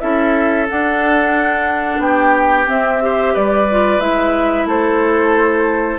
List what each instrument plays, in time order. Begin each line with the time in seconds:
0.00 bassoon C#4, clarinet E4, oboe A4, flute E5
0.69 clarinet D4, bassoon D4, flute F#5
1.99 bassoon B3, oboe G4, flute G5
2.66 clarinet C4, bassoon C4, flute E5
3.01 clarinet G4, oboe C5
3.33 bassoon G3, oboe B4, flute D5
3.71 clarinet F4
4.00 bassoon G#3, clarinet E4, flute E5
4.66 bassoon A3, oboe A4, flute C5